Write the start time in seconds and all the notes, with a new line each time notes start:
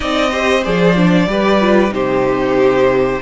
0.00 C4 D#4 D5 D#5
0.31 G4 C5
0.64 F3 G#4 D5
0.96 D4
1.27 G3 G4 B4
1.61 F4
1.89 C3 D#4 G4 C5